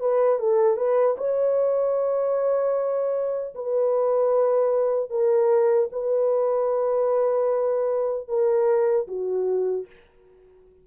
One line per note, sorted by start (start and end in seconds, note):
0.00 0.39 B4
0.39 0.77 A4
0.77 1.16 B4
1.18 3.55 C#5
3.55 5.10 B4
5.10 5.89 A#4
5.92 8.28 B4
8.28 9.07 A#4
9.08 9.86 F#4